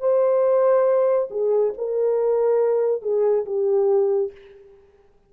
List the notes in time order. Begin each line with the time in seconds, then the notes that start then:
0.00 C5
1.31 G#4
1.78 A#4
3.02 G#4
3.46 G4